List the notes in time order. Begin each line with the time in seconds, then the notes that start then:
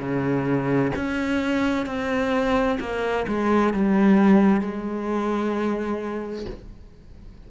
0.00 C#3
0.96 C#4
1.86 C4
2.80 A#3
3.28 G#3
3.74 G3
4.62 G#3